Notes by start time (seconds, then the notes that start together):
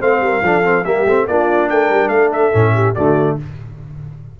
0.00 A3 C4 C5 F5
0.20 G3 A#4
0.42 F3 D4 A4
0.64 C4
0.84 G3 A#3 G4 E5
1.06 A3 C4
1.27 A#3 D4 F4 D5
1.70 A3 A#4 G5
1.90 G3
2.08 A3 A4 F5
2.33 E5
2.53 A2 C#4
2.74 G4
2.94 D3 A3 F#4 D5